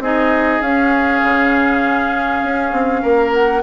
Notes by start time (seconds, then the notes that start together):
0.00 C4 D#4 G#4 D#5
0.62 C#4 F5
1.24 C#3
2.43 C#4
2.73 C4
3.02 A#3 A#4
3.33 F#5